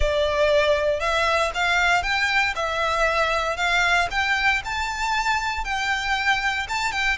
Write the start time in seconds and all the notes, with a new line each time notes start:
0.00 D5
1.00 E5
1.54 F5
2.02 G5
2.55 E5
3.56 F5
4.10 G5
4.64 A5
5.64 G5
6.69 A5
6.91 G5